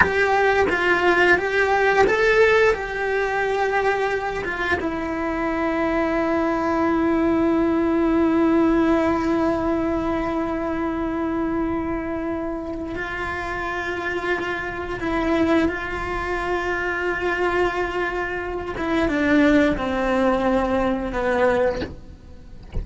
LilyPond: \new Staff \with { instrumentName = "cello" } { \time 4/4 \tempo 4 = 88 g'4 f'4 g'4 a'4 | g'2~ g'8 f'8 e'4~ | e'1~ | e'1~ |
e'2. f'4~ | f'2 e'4 f'4~ | f'2.~ f'8 e'8 | d'4 c'2 b4 | }